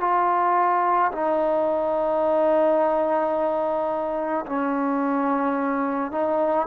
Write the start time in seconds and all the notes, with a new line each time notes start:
0.00 F4
1.12 D#4
4.46 C#4
6.11 D#4